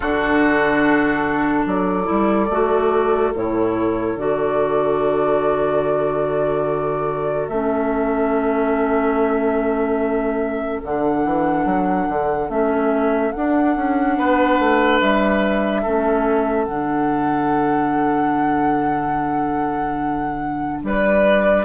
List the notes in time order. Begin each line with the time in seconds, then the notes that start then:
0.00 D3 D4 F#4 A4
1.65 F#3 A4 D5
2.03 G3 E4
2.49 A3 F#4
3.34 A2 E4 C#5
4.15 D3 F#4 D5
7.47 A3 C#4 E5
10.83 D3 D4 F#5
11.24 E3
11.65 F#3
12.09 D3
12.49 A3 C#4 E5
13.32 D4 F#5
13.76 C#4
14.17 B3 B4
14.59 A3
15.00 G3 E5
15.82 A3 C#4 A4
16.64 D3 D4 F#5
20.83 G3 B4 D5